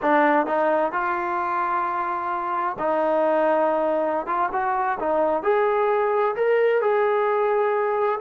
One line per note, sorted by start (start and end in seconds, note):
0.01 0.46 D4
0.46 0.92 D#4
0.92 2.76 F4
2.78 4.26 D#4
4.26 4.49 F4
4.52 4.98 F#4
4.99 5.43 D#4
5.43 6.35 G#4
6.35 6.81 A#4
6.81 8.19 G#4